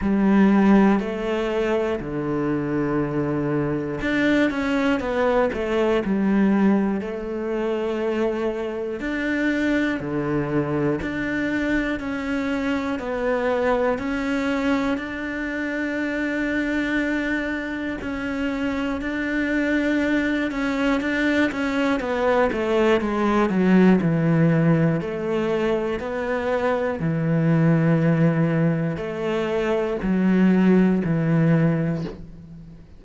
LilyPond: \new Staff \with { instrumentName = "cello" } { \time 4/4 \tempo 4 = 60 g4 a4 d2 | d'8 cis'8 b8 a8 g4 a4~ | a4 d'4 d4 d'4 | cis'4 b4 cis'4 d'4~ |
d'2 cis'4 d'4~ | d'8 cis'8 d'8 cis'8 b8 a8 gis8 fis8 | e4 a4 b4 e4~ | e4 a4 fis4 e4 | }